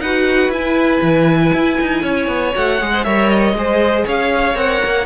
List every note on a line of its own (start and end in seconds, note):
0.00 0.49 D#4
0.00 0.55 F#4
0.00 2.02 B4
0.00 0.51 F#5
0.49 0.99 E4
0.49 2.53 E4
0.49 2.55 G#5
1.02 1.52 E3
1.54 1.79 E4
1.81 2.03 D#4
2.02 2.28 C#4
2.02 2.90 C#5
2.28 2.53 B3
2.53 2.82 A3
2.53 2.79 F#4
2.53 3.05 F#5
2.81 3.06 G#3
2.81 3.06 G#4
2.93 3.05 C5
3.05 3.54 G3
3.05 3.56 A#4
3.05 3.55 C#5
3.05 3.29 E5
3.29 4.05 D#5
3.54 4.04 G#3
3.54 4.55 G#4
3.54 4.06 C5
4.06 4.55 C#4
4.06 5.06 C#5
4.06 4.58 F5
4.55 4.80 C4
4.55 5.05 A#4
4.55 5.06 F#5
4.84 5.06 A#3